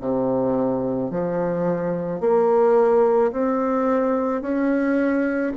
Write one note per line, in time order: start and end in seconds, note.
0.00 1.11 C3
1.11 2.21 F3
2.21 3.32 A#3
3.32 4.41 C4
4.41 5.53 C#4